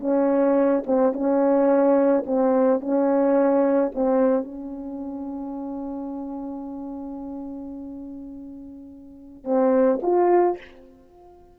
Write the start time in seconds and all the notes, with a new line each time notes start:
0.00 C#4
0.87 C4
1.14 C#4
2.27 C4
2.81 C#4
3.95 C4
4.45 C#4
9.45 C4
10.03 F4